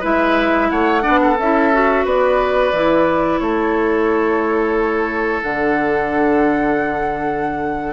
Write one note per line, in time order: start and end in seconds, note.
0.00 0.71 G#3
0.00 1.02 E4
0.00 0.67 B4
0.00 0.70 E5
0.70 1.04 A3
0.70 1.02 C#5
0.70 1.37 F#5
1.02 1.35 D4
1.02 1.19 D5
1.08 1.38 B3
1.21 2.05 A4
1.38 2.05 C#4
1.38 1.72 E4
1.38 2.06 E5
1.72 2.74 F#4
2.05 2.72 B3
2.05 3.40 B4
2.05 3.39 D5
2.72 3.39 E3
2.72 5.43 E4
3.39 5.43 A3
3.39 7.93 A4
3.39 5.41 C#5
5.42 7.93 D3
5.42 7.93 D4
5.42 7.93 F#5